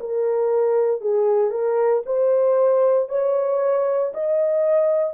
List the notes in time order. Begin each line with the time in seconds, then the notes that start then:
0.00 A#4
1.01 G#4
1.51 A#4
2.06 C5
3.09 C#5
4.14 D#5